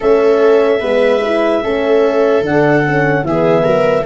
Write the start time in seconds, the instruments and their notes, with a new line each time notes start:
0.00 tuba A3, horn C#4, viola A4, clarinet E5
0.80 tuba G#3, horn B3, viola B4
1.24 horn E4
1.62 tuba A3, horn C#4, viola A4
2.41 tuba D3, horn D4, clarinet F#5
2.85 horn C#4
3.23 tuba E3, horn B3, viola G#4, clarinet E5
3.64 tuba F#3, viola A#4